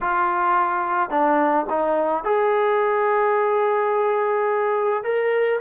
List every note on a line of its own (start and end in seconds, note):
0.00 1.10 F4
1.10 1.66 D4
1.69 2.24 D#4
2.24 5.03 G#4
5.03 5.59 A#4